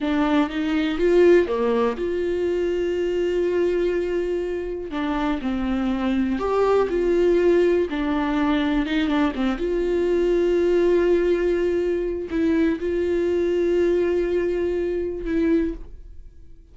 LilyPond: \new Staff \with { instrumentName = "viola" } { \time 4/4 \tempo 4 = 122 d'4 dis'4 f'4 ais4 | f'1~ | f'2 d'4 c'4~ | c'4 g'4 f'2 |
d'2 dis'8 d'8 c'8 f'8~ | f'1~ | f'4 e'4 f'2~ | f'2. e'4 | }